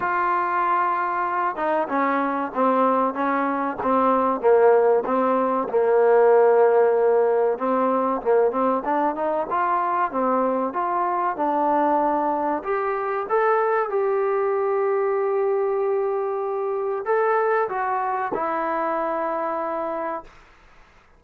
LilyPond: \new Staff \with { instrumentName = "trombone" } { \time 4/4 \tempo 4 = 95 f'2~ f'8 dis'8 cis'4 | c'4 cis'4 c'4 ais4 | c'4 ais2. | c'4 ais8 c'8 d'8 dis'8 f'4 |
c'4 f'4 d'2 | g'4 a'4 g'2~ | g'2. a'4 | fis'4 e'2. | }